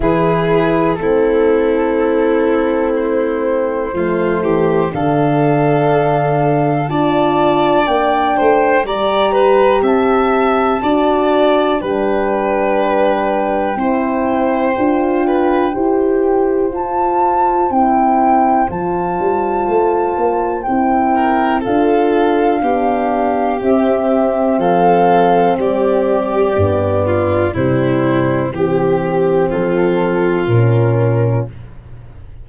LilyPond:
<<
  \new Staff \with { instrumentName = "flute" } { \time 4/4 \tempo 4 = 61 b'4 a'2 c''4~ | c''4 f''2 a''4 | g''4 ais''4 a''2 | g''1~ |
g''4 a''4 g''4 a''4~ | a''4 g''4 f''2 | e''4 f''4 d''2 | c''4 g'4 a'4 ais'4 | }
  \new Staff \with { instrumentName = "violin" } { \time 4/4 gis'4 e'2. | f'8 g'8 a'2 d''4~ | d''8 c''8 d''8 b'8 e''4 d''4 | b'2 c''4. b'8 |
c''1~ | c''4. ais'8 a'4 g'4~ | g'4 a'4 g'4. f'8 | e'4 g'4 f'2 | }
  \new Staff \with { instrumentName = "horn" } { \time 4/4 e'4 c'2. | a4 d'2 f'4 | d'4 g'2 fis'4 | d'2 e'4 f'4 |
g'4 f'4 e'4 f'4~ | f'4 e'4 f'4 d'4 | c'2. b4 | g4 c'2 cis'4 | }
  \new Staff \with { instrumentName = "tuba" } { \time 4/4 e4 a2. | f8 e8 d2 d'4 | ais8 a8 g4 c'4 d'4 | g2 c'4 d'4 |
e'4 f'4 c'4 f8 g8 | a8 ais8 c'4 d'4 b4 | c'4 f4 g4 g,4 | c4 e4 f4 ais,4 | }
>>